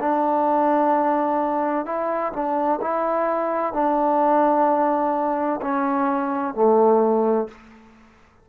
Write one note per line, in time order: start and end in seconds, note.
0.00 1.86 D4
1.86 2.33 E4
2.33 2.80 D4
2.81 3.73 E4
3.73 5.60 D4
5.62 6.54 C#4
6.54 7.48 A3